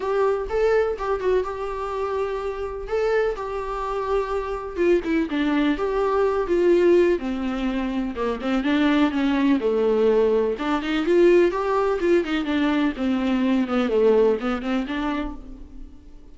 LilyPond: \new Staff \with { instrumentName = "viola" } { \time 4/4 \tempo 4 = 125 g'4 a'4 g'8 fis'8 g'4~ | g'2 a'4 g'4~ | g'2 f'8 e'8 d'4 | g'4. f'4. c'4~ |
c'4 ais8 c'8 d'4 cis'4 | a2 d'8 dis'8 f'4 | g'4 f'8 dis'8 d'4 c'4~ | c'8 b8 a4 b8 c'8 d'4 | }